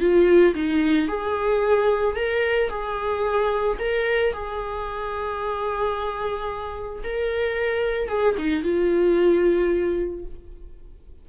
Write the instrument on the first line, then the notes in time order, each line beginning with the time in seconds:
viola
0.00 F4
0.54 D#4
1.08 G#4
2.16 A#4
2.70 G#4
3.79 A#4
4.33 G#4
7.03 A#4
8.08 G#4
8.38 D#4
8.63 F4